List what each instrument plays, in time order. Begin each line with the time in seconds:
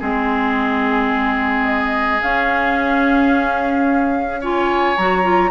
0.00 bassoon G#3, clarinet C4, oboe G#4, flute G#4
1.65 flute D#5
2.21 bassoon C#4, clarinet C#4, flute F5
4.41 clarinet F4, oboe C#5, flute G#5
4.98 bassoon F#3, clarinet F#4, flute A#5
5.23 clarinet F4